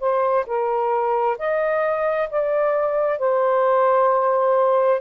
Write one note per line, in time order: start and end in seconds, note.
0.00 0.45 C5
0.47 1.38 A#4
1.39 2.30 D#5
2.31 3.19 D5
3.19 5.01 C5